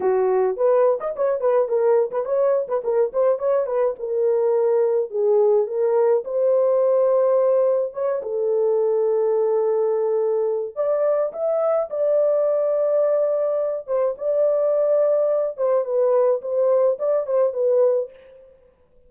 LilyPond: \new Staff \with { instrumentName = "horn" } { \time 4/4 \tempo 4 = 106 fis'4 b'8. dis''16 cis''8 b'8 ais'8. b'16 | cis''8. b'16 ais'8 c''8 cis''8 b'8 ais'4~ | ais'4 gis'4 ais'4 c''4~ | c''2 cis''8 a'4.~ |
a'2. d''4 | e''4 d''2.~ | d''8 c''8 d''2~ d''8 c''8 | b'4 c''4 d''8 c''8 b'4 | }